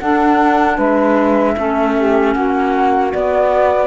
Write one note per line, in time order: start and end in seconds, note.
0.00 0.78 D4
0.00 1.57 D4
0.00 0.76 A4
0.00 0.78 F#5
0.76 1.56 G#3
0.76 1.54 B4
0.76 2.34 E5
1.56 2.36 A3
1.56 3.13 C#4
1.56 1.94 A4
1.97 2.34 G4
2.34 3.14 A#3
2.34 3.88 F#4
2.34 3.12 F#5
3.13 3.88 B3
3.13 3.88 D5